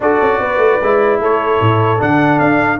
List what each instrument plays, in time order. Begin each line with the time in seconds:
0.00 tuba D4, trombone F#4, horn A4, trumpet D5
0.21 tuba C#4
0.39 tuba B3, horn B4
0.57 tuba A3
0.82 tuba G#3, trombone E4
1.20 tuba A3, horn A4, trumpet C#5
1.60 tuba A2
1.98 tuba D3, trombone D4, trumpet F#5
2.39 tuba D4, trumpet F5